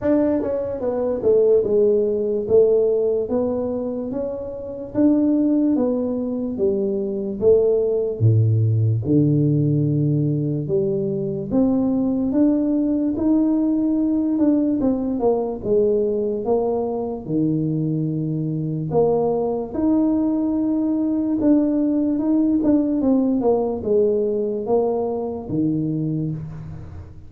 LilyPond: \new Staff \with { instrumentName = "tuba" } { \time 4/4 \tempo 4 = 73 d'8 cis'8 b8 a8 gis4 a4 | b4 cis'4 d'4 b4 | g4 a4 a,4 d4~ | d4 g4 c'4 d'4 |
dis'4. d'8 c'8 ais8 gis4 | ais4 dis2 ais4 | dis'2 d'4 dis'8 d'8 | c'8 ais8 gis4 ais4 dis4 | }